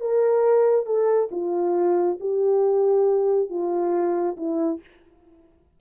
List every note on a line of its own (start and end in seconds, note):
0.00 0.85 A#4
0.85 1.29 A4
1.31 2.18 F4
2.20 3.49 G4
3.49 4.36 F4
4.37 4.80 E4